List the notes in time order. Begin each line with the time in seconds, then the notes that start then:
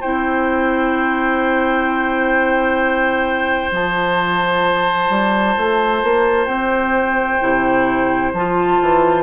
0.00 C4 E4 C5 G5
3.71 F3 F4 A5
5.09 G3
5.57 A3
6.03 A#3
6.46 C4 G5
7.41 C3 E4
8.33 F3 F4 A5
8.81 E3